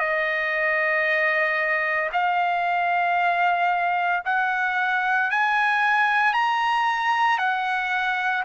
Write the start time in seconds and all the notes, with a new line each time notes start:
0.00 D#5
2.13 F5
4.26 F#5
5.31 G#5
6.34 A#5
7.39 F#5